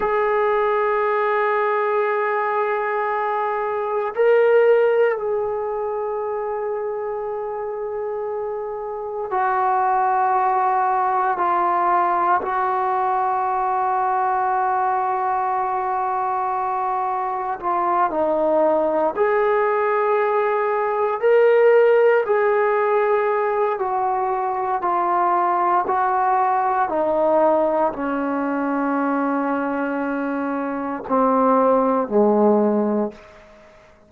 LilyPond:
\new Staff \with { instrumentName = "trombone" } { \time 4/4 \tempo 4 = 58 gis'1 | ais'4 gis'2.~ | gis'4 fis'2 f'4 | fis'1~ |
fis'4 f'8 dis'4 gis'4.~ | gis'8 ais'4 gis'4. fis'4 | f'4 fis'4 dis'4 cis'4~ | cis'2 c'4 gis4 | }